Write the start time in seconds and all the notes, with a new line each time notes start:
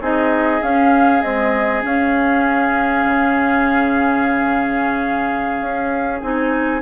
0.00 C4 D#4 G#4 D#5
0.61 C#4 F5
1.22 G#3 C4 D#5
1.81 C#4 F5
3.04 C#3
5.61 C#4
6.21 C4 D#4 G#5